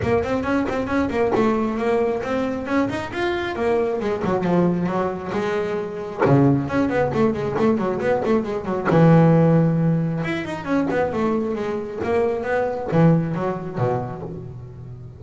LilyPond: \new Staff \with { instrumentName = "double bass" } { \time 4/4 \tempo 4 = 135 ais8 c'8 cis'8 c'8 cis'8 ais8 a4 | ais4 c'4 cis'8 dis'8 f'4 | ais4 gis8 fis8 f4 fis4 | gis2 cis4 cis'8 b8 |
a8 gis8 a8 fis8 b8 a8 gis8 fis8 | e2. e'8 dis'8 | cis'8 b8 a4 gis4 ais4 | b4 e4 fis4 b,4 | }